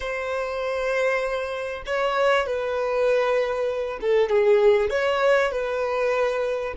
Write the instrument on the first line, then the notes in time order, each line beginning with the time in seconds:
violin
0.00 C5
1.85 C#5
2.46 B4
4.00 A4
4.29 G#4
4.90 C#5
5.51 B4